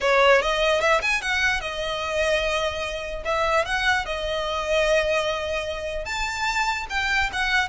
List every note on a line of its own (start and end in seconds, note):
0.01 0.41 C#5
0.41 0.81 D#5
0.81 1.01 E5
1.02 1.21 G#5
1.21 1.61 F#5
1.61 3.23 D#5
3.25 3.65 E5
3.65 4.05 F#5
4.05 6.05 D#5
6.05 6.86 A5
6.89 7.30 G5
7.32 7.68 F#5